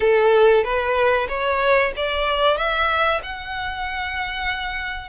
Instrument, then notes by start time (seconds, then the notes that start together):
violin
0.00 A4
0.64 B4
1.28 C#5
1.96 D5
2.57 E5
3.22 F#5